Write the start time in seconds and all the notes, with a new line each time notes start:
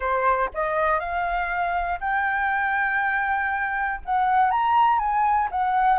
0.00 C5
0.54 D#5
0.99 F5
2.00 G5
4.05 F#5
4.50 A#5
4.98 G#5
5.51 F#5